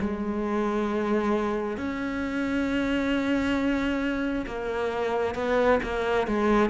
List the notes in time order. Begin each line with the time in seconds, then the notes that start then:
0.00 G#3
1.77 C#4
4.46 A#3
5.35 B3
5.83 A#3
6.27 G#3